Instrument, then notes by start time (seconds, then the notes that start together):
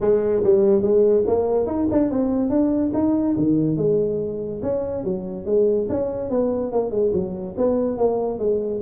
tuba
0.00 G#3
0.43 G3
0.82 G#3
1.26 A#3
1.66 D#4
1.91 D4
2.11 C4
2.49 D4
2.93 D#4
3.37 D#3
3.76 G#3
4.62 C#4
5.04 F#3
5.45 G#3
5.89 C#4
6.30 B3
6.72 A#3
6.90 G#3
7.13 F#3
7.57 B3
7.97 A#3
8.38 G#3